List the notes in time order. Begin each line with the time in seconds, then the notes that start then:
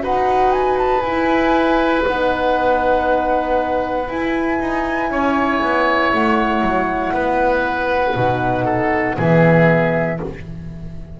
0.00 D#4 F#4 B4 F#5
0.52 G#5
0.78 A5
1.00 E4 G#5
2.05 B3 D#4 F#5
4.07 E4 G#5
4.60 D#4
5.10 C#4 C#5
5.61 B3
6.12 A3 F#5
6.61 F#3
7.13 B3 B4
8.15 B2 D#4
8.64 A4
9.17 E3 B3 G#4 E5